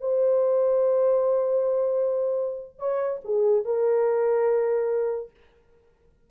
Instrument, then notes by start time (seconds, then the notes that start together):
horn
0.00 C5
2.79 C#5
3.24 G#4
3.65 A#4